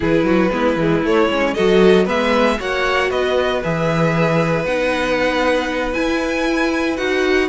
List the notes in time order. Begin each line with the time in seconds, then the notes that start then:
0.00 E3 E4 G#4 B4
0.23 F#3 F#4
0.51 G#3 B3 E4
0.76 E3 G#3
1.02 A3 C#5
1.29 G#3 C#4
1.54 F#3 F#4 A4 D#5
2.05 G#3 B3 B4 E5
2.59 A#3 F#4 C#5 F#5
3.10 B3 B4 D#5
3.63 E3 G#4 E5
4.64 B3 D#4 F#5
5.92 E4 G#5
6.96 D#4 F#4 F#5